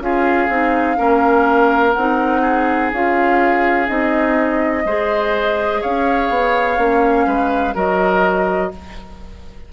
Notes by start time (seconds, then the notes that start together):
0.00 C#4 F4 G#4 F5
0.49 C4 D#4
0.96 A#3 C#4 A#4
1.94 C4 D#4 F#5
2.42 G#4
2.92 C#4 F4 F5
3.87 C4 D#4 D#5
4.85 G#3 G#4 C5
5.81 C#4 C#5 F5
6.30 B3
6.78 A#3 C#4
7.26 G#3 B4
7.75 F#3 F#4 A#4 D#5